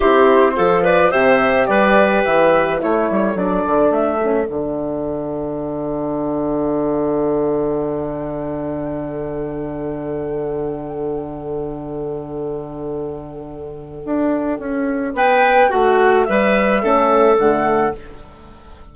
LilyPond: <<
  \new Staff \with { instrumentName = "flute" } { \time 4/4 \tempo 4 = 107 c''4. d''8 e''4 d''4 | e''4 cis''4 d''4 e''4 | fis''1~ | fis''1~ |
fis''1~ | fis''1~ | fis''2. g''4 | fis''4 e''2 fis''4 | }
  \new Staff \with { instrumentName = "clarinet" } { \time 4/4 g'4 a'8 b'8 c''4 b'4~ | b'4 a'2.~ | a'1~ | a'1~ |
a'1~ | a'1~ | a'2. b'4 | fis'4 b'4 a'2 | }
  \new Staff \with { instrumentName = "horn" } { \time 4/4 e'4 f'4 g'2~ | g'4 e'4 d'4. cis'8 | d'1~ | d'1~ |
d'1~ | d'1~ | d'1~ | d'2 cis'4 a4 | }
  \new Staff \with { instrumentName = "bassoon" } { \time 4/4 c'4 f4 c4 g4 | e4 a8 g8 fis8 d8 a4 | d1~ | d1~ |
d1~ | d1~ | d4 d'4 cis'4 b4 | a4 g4 a4 d4 | }
>>